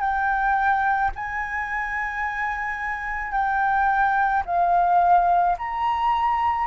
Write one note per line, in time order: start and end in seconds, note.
0.00 1.11 G5
1.16 3.32 G#5
3.32 4.43 G5
4.45 5.57 F5
5.59 6.67 A#5